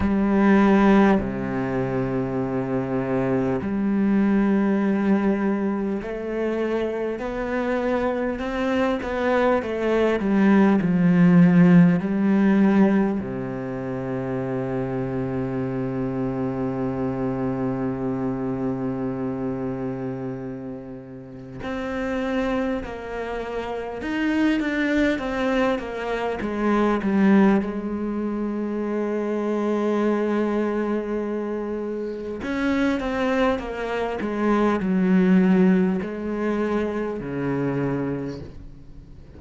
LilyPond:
\new Staff \with { instrumentName = "cello" } { \time 4/4 \tempo 4 = 50 g4 c2 g4~ | g4 a4 b4 c'8 b8 | a8 g8 f4 g4 c4~ | c1~ |
c2 c'4 ais4 | dis'8 d'8 c'8 ais8 gis8 g8 gis4~ | gis2. cis'8 c'8 | ais8 gis8 fis4 gis4 cis4 | }